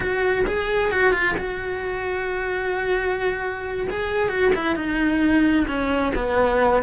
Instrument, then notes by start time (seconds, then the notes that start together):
cello
0.00 F#4
0.46 G#4
0.91 F#4
1.12 F4
1.37 F#4
3.89 G#4
4.29 F#4
4.55 E4
4.75 D#4
5.67 C#4
6.15 B3